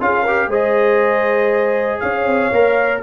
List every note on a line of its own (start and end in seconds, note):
0.00 0.47 C#4
0.00 0.26 F4
0.00 0.22 G#4
0.00 0.51 F5
0.22 0.51 G4
0.22 0.47 A#4
0.47 1.98 G#3
0.47 2.52 G#4
0.47 2.01 C5
0.47 1.99 D#5
1.99 2.25 C#4
1.99 3.02 C#5
1.99 3.00 F5
2.25 2.51 C4
2.51 3.02 A#3
2.51 3.02 A#4